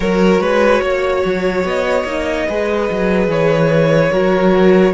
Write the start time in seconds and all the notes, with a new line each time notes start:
0.00 F#3 F#4 A#4 C#5
0.40 G#3 B4
0.82 A#3 C#5
1.24 F#3
1.64 B3 D#5
2.04 A#3 D#4
2.47 G#3 G#4 B4
2.90 F#3
3.27 E3 C#5
4.11 F#3 F#4 A#4